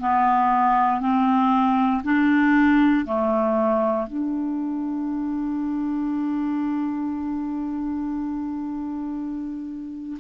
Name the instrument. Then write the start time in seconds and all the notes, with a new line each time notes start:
clarinet
0.00 B3
1.01 C4
2.04 D4
3.06 A3
4.07 D4